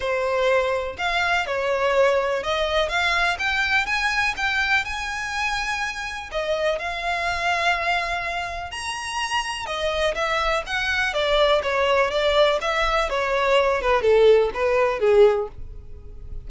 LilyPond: \new Staff \with { instrumentName = "violin" } { \time 4/4 \tempo 4 = 124 c''2 f''4 cis''4~ | cis''4 dis''4 f''4 g''4 | gis''4 g''4 gis''2~ | gis''4 dis''4 f''2~ |
f''2 ais''2 | dis''4 e''4 fis''4 d''4 | cis''4 d''4 e''4 cis''4~ | cis''8 b'8 a'4 b'4 gis'4 | }